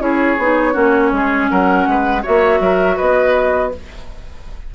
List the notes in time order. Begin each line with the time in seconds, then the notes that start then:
0.00 C#4 E4 G#4 C#5
0.38 B3 D#4
0.73 A#3 C#4 F#4
1.12 G#3 G#4
1.50 F#3 A#4 F#5
1.87 G#3 B4
2.23 A#3 F#4 C#5 E5
2.60 F#3 A#4
2.97 B3 B4 D#5